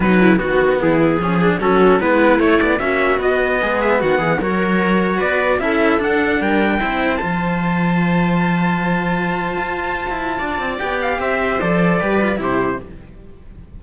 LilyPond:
<<
  \new Staff \with { instrumentName = "trumpet" } { \time 4/4 \tempo 4 = 150 b'4 fis'4 gis'2 | a'4 b'4 cis''8 d''8 e''4 | dis''4. e''8 fis''4 cis''4~ | cis''4 d''4 e''4 fis''4 |
g''2 a''2~ | a''1~ | a''2. g''8 f''8 | e''4 d''2 c''4 | }
  \new Staff \with { instrumentName = "viola" } { \time 4/4 dis'8 e'8 fis'4 e'4 gis'4 | fis'4 e'2 fis'4~ | fis'4 gis'4 fis'8 gis'8 ais'4~ | ais'4 b'4 a'2 |
ais'4 c''2.~ | c''1~ | c''2 d''2 | c''2 b'4 g'4 | }
  \new Staff \with { instrumentName = "cello" } { \time 4/4 fis4 b2 cis'8 d'8 | cis'4 b4 a8 b8 cis'4 | b2. fis'4~ | fis'2 e'4 d'4~ |
d'4 e'4 f'2~ | f'1~ | f'2. g'4~ | g'4 a'4 g'8 f'8 e'4 | }
  \new Staff \with { instrumentName = "cello" } { \time 4/4 b,8 cis8 dis4 e4 f4 | fis4 gis4 a4 ais4 | b4 gis4 dis8 e8 fis4~ | fis4 b4 cis'4 d'4 |
g4 c'4 f2~ | f1 | f'4~ f'16 e'8. d'8 c'8 b4 | c'4 f4 g4 c4 | }
>>